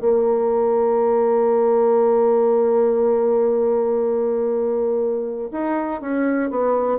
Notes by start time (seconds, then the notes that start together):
0.00 A#3
5.51 D#4
6.00 C#4
6.50 B3